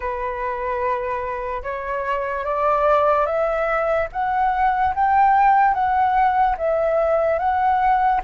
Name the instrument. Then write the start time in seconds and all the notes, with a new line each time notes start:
flute
0.00 B4
1.62 C#5
2.44 D5
3.25 E5
4.12 F#5
4.95 G5
5.73 F#5
6.58 E5
7.38 F#5